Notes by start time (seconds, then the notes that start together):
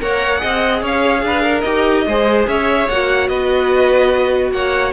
0.00 A#3 A#4 C#5 F#5
0.37 G#4 D#5
0.43 C4
0.82 C#4 C#5 F5
1.23 D4 B4
1.42 A#4
1.61 D#4 G4 D#5
2.06 G#3 G#4 C5
2.47 C#4 C#5 E5
2.89 A#3 F#4 F#5
3.28 B3 B4 D#5
4.51 A#3 C#5 F#5